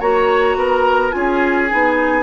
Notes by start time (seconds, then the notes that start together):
0.00 A#3 F#4 C#5 A#5
0.56 B3 A#4
1.11 C#4 F4 G#4 G#5
1.70 B3 D#4